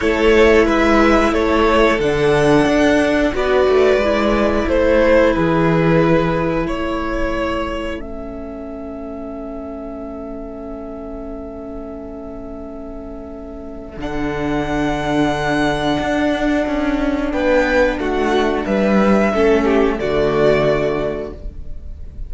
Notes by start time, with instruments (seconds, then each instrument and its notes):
0.00 cello A3, viola E4, violin A4 C#5
0.65 cello G#3, violin B4 E5
1.32 cello A3, violin A4 C#5
1.99 cello D3, viola D4, violin F#5
2.66 cello D4
3.34 cello B3, viola F#4, violin B4 D5
3.68 cello A3
3.96 cello G#3, viola E4
4.67 cello A3, violin A4 C5
5.33 cello E3, violin G#4 B4
6.65 cello A3, violin A4 C#5
7.99 viola C#4, violin E5
13.97 cello D3, viola D4, violin F#5
15.99 cello D4
16.66 cello C#4
17.32 cello B3, violin B4 G5
17.98 cello A3, violin F#4 F#5
18.65 cello G3, violin B4 E5
19.33 cello A3, viola C#4, violin A4
19.65 violin G4
19.97 cello D3, viola A3, violin F#4 D5